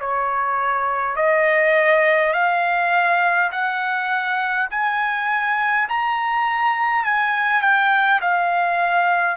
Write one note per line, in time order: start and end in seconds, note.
0.00 1.17 C#5
1.17 2.34 D#5
2.34 3.51 F5
3.52 4.70 F#5
4.71 5.88 G#5
5.89 7.05 A#5
7.05 7.61 G#5
7.61 8.20 G5
8.21 9.37 F5